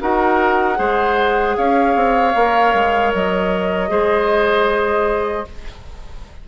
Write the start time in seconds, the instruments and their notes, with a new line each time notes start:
0.00 bassoon D#4, clarinet F#4, oboe A#4, flute F#5
0.75 bassoon G#3, clarinet G#4, oboe C5
1.56 bassoon C#4, oboe C#5, flute F5
1.95 bassoon C4
2.34 bassoon A#3, clarinet A#4
2.73 bassoon G#3
3.14 bassoon F#3, flute D#5
3.88 bassoon G#3, clarinet G#4, oboe C5